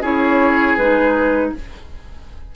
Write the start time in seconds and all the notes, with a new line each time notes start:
0.00 C#4 E4 G#4 C#5
0.77 G#3 D#4 B4